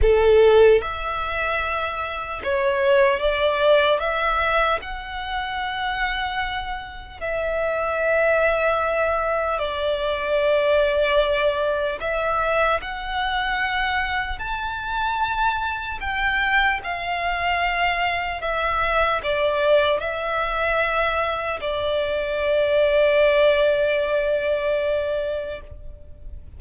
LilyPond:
\new Staff \with { instrumentName = "violin" } { \time 4/4 \tempo 4 = 75 a'4 e''2 cis''4 | d''4 e''4 fis''2~ | fis''4 e''2. | d''2. e''4 |
fis''2 a''2 | g''4 f''2 e''4 | d''4 e''2 d''4~ | d''1 | }